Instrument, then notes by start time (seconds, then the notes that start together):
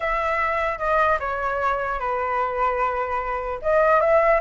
flute
0.00 E5
0.78 D#5
1.19 C#5
1.99 B4
3.61 D#5
4.00 E5